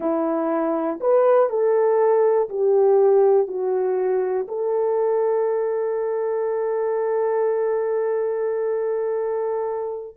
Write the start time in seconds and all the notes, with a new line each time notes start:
0.00 E4
1.00 B4
1.49 A4
2.49 G4
3.47 F#4
4.47 A4